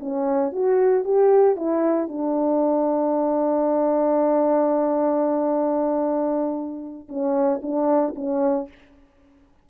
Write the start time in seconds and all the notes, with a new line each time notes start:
0.00 C#4
0.52 F#4
1.04 G4
1.56 E4
2.08 D4
7.09 C#4
7.62 D4
8.16 C#4